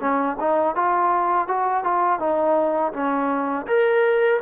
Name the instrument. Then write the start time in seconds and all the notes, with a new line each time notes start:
trombone
0.00 C#4
0.40 D#4
0.75 F4
1.48 F#4
1.84 F4
2.20 D#4
2.93 C#4
3.67 A#4